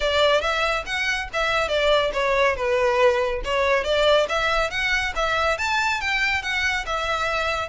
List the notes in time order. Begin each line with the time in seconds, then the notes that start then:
0.00 D5
0.41 E5
0.86 F#5
1.33 E5
1.68 D5
2.13 C#5
2.56 B4
3.44 C#5
3.84 D5
4.28 E5
4.70 F#5
5.15 E5
5.58 A5
6.00 G5
6.42 F#5
6.86 E5